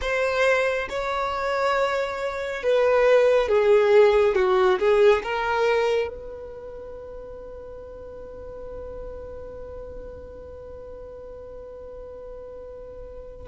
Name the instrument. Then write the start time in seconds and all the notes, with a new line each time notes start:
violin
0.01 C5
0.89 C#5
2.62 B4
3.48 G#4
4.35 F#4
4.79 G#4
5.23 A#4
6.08 B4